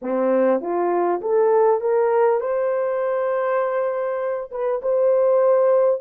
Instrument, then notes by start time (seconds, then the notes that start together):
horn
0.01 C4
0.61 F4
1.21 A4
1.81 A#4
2.40 C5
4.51 B4
4.82 C5